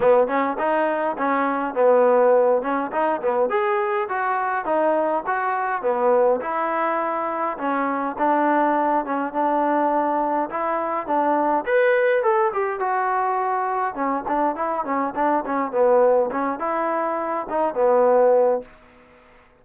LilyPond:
\new Staff \with { instrumentName = "trombone" } { \time 4/4 \tempo 4 = 103 b8 cis'8 dis'4 cis'4 b4~ | b8 cis'8 dis'8 b8 gis'4 fis'4 | dis'4 fis'4 b4 e'4~ | e'4 cis'4 d'4. cis'8 |
d'2 e'4 d'4 | b'4 a'8 g'8 fis'2 | cis'8 d'8 e'8 cis'8 d'8 cis'8 b4 | cis'8 e'4. dis'8 b4. | }